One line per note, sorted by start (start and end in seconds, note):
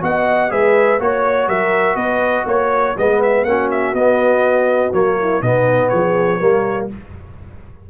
0.00 0.51 B3
0.00 0.49 F#4
0.00 0.51 D#5
0.00 0.51 F#5
0.49 0.99 G#3
0.49 0.98 G#4
0.49 1.00 B4
0.49 1.00 E5
0.99 1.47 A#3
0.99 2.96 F#4
0.99 1.48 C#5
1.47 1.95 F#3
1.47 1.96 A#4
1.47 1.96 E5
1.95 2.44 B3
1.95 2.45 B4
1.95 2.45 D#5
2.45 2.94 A#3
2.45 2.96 C#5
2.45 2.97 C#5
2.97 3.43 G#3
2.97 3.46 B3
2.97 3.48 B4
2.97 3.22 D#5
3.22 3.44 E5
3.43 3.93 A#3
3.43 3.95 C#4
3.43 5.20 F#4
3.43 3.69 F#5
3.70 3.94 E5
3.93 4.91 B3
3.93 4.92 B3
3.93 4.93 D#5
4.92 5.41 F#3
4.92 5.41 A#3
4.92 5.42 C#5
5.20 5.40 E4
5.40 5.90 B2
5.40 6.40 B3
5.40 5.89 D#4
5.40 5.88 D#5
5.88 6.41 F3
5.88 6.39 G#4
5.88 6.87 C#5
6.39 6.90 G3
6.39 6.89 A#3
6.39 6.89 A#4